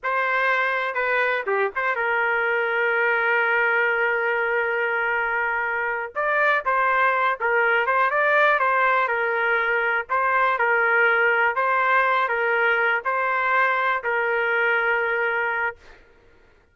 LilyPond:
\new Staff \with { instrumentName = "trumpet" } { \time 4/4 \tempo 4 = 122 c''2 b'4 g'8 c''8 | ais'1~ | ais'1~ | ais'8 d''4 c''4. ais'4 |
c''8 d''4 c''4 ais'4.~ | ais'8 c''4 ais'2 c''8~ | c''4 ais'4. c''4.~ | c''8 ais'2.~ ais'8 | }